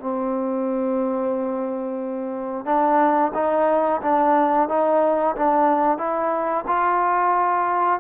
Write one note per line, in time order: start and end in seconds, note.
0.00 2.65 C4
2.65 3.32 D4
3.35 4.01 D#4
4.02 4.68 D4
4.69 5.35 D#4
5.36 5.98 D4
5.98 6.65 E4
6.67 8.00 F4